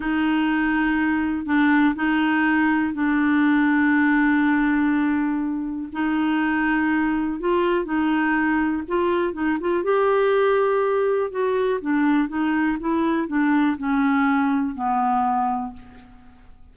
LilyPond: \new Staff \with { instrumentName = "clarinet" } { \time 4/4 \tempo 4 = 122 dis'2. d'4 | dis'2 d'2~ | d'1 | dis'2. f'4 |
dis'2 f'4 dis'8 f'8 | g'2. fis'4 | d'4 dis'4 e'4 d'4 | cis'2 b2 | }